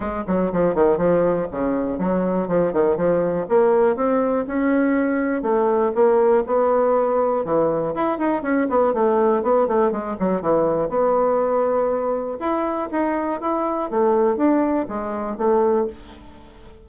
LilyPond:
\new Staff \with { instrumentName = "bassoon" } { \time 4/4 \tempo 4 = 121 gis8 fis8 f8 dis8 f4 cis4 | fis4 f8 dis8 f4 ais4 | c'4 cis'2 a4 | ais4 b2 e4 |
e'8 dis'8 cis'8 b8 a4 b8 a8 | gis8 fis8 e4 b2~ | b4 e'4 dis'4 e'4 | a4 d'4 gis4 a4 | }